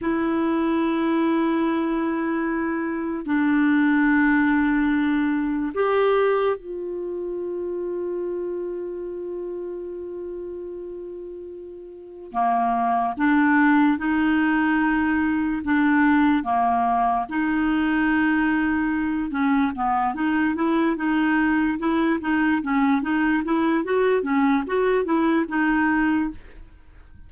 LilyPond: \new Staff \with { instrumentName = "clarinet" } { \time 4/4 \tempo 4 = 73 e'1 | d'2. g'4 | f'1~ | f'2. ais4 |
d'4 dis'2 d'4 | ais4 dis'2~ dis'8 cis'8 | b8 dis'8 e'8 dis'4 e'8 dis'8 cis'8 | dis'8 e'8 fis'8 cis'8 fis'8 e'8 dis'4 | }